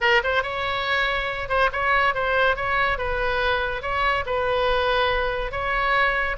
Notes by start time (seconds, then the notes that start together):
0.00 A#4
0.23 C5
0.43 C#5
1.48 C5
1.72 C#5
2.14 C5
2.55 C#5
2.97 B4
3.82 C#5
4.26 B4
5.51 C#5